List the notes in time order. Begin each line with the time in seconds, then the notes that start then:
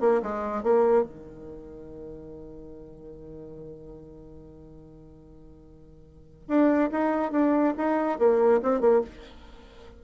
0.00 A#3
0.22 G#3
0.63 A#3
1.04 D#3
6.48 D4
6.91 D#4
7.32 D4
7.77 D#4
8.18 A#3
8.62 C4
8.80 A#3